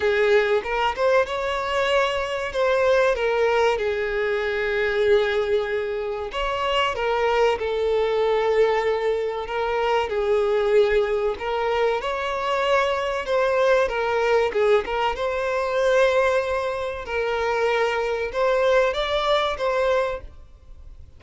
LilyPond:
\new Staff \with { instrumentName = "violin" } { \time 4/4 \tempo 4 = 95 gis'4 ais'8 c''8 cis''2 | c''4 ais'4 gis'2~ | gis'2 cis''4 ais'4 | a'2. ais'4 |
gis'2 ais'4 cis''4~ | cis''4 c''4 ais'4 gis'8 ais'8 | c''2. ais'4~ | ais'4 c''4 d''4 c''4 | }